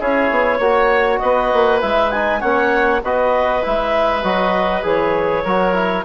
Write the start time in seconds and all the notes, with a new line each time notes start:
0.00 C#4 E4 G#4 C#5
0.31 B3
0.59 A#3 F#4 C#5
1.19 B3 B4 D#5
1.53 A#3
1.81 G#3 E4 E5
2.11 D#4 G#5
2.40 A#3 C#4 C#5 F#5
3.03 B3 F#4 B4 D#5
3.62 G#3 E4 E5
4.23 F#3 F#4 D#5
4.83 E3 G#4 C#5
5.44 F#3 F#4 A#4
5.73 E4